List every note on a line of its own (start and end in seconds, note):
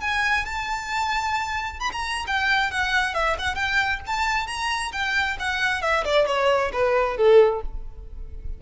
0.00 0.45 G#5
0.45 1.80 A5
1.80 1.91 B5
1.92 2.26 A#5
2.27 2.70 G5
2.70 3.14 F#5
3.14 3.36 E5
3.38 3.55 F#5
3.55 3.99 G5
4.06 4.47 A5
4.47 4.91 A#5
4.92 5.37 G5
5.39 5.81 F#5
5.81 6.04 E5
6.04 6.26 D5
6.26 6.71 C#5
6.72 7.16 B4
7.16 7.61 A4